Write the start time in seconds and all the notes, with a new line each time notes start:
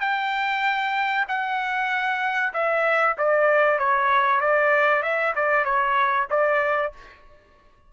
0.00 G5
1.28 F#5
2.53 E5
3.18 D5
3.78 C#5
4.40 D5
5.03 E5
5.35 D5
5.64 C#5
6.30 D5